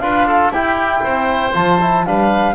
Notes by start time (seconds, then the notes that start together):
0.00 D4 F4 B4 F5
0.27 A4
0.51 E4 G4 G5
1.03 C4 C5
1.52 F3 F4 A5
1.81 E4
2.06 G3 D4 B4 F5